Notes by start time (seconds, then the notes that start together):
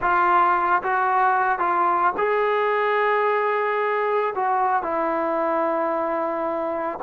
0.01 F4
0.82 F#4
1.58 F4
2.17 G#4
4.35 F#4
4.82 E4